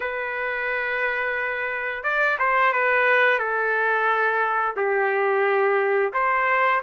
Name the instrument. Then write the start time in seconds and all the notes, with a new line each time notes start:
trumpet
0.00 B4
2.03 D5
2.39 C5
2.73 B4
3.38 A4
4.76 G4
6.13 C5